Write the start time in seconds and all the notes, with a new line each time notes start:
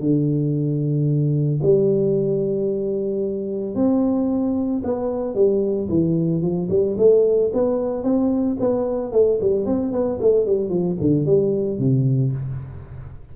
0.00 D3
1.63 G3
3.75 C4
4.84 B3
5.35 G3
5.90 E3
6.42 F3
6.70 G3
6.98 A3
7.54 B3
8.04 C4
8.60 B3
9.12 A3
9.41 G3
9.66 C4
9.93 B3
10.21 A3
10.46 G3
10.70 F3
11.01 D3
11.26 G3
11.79 C3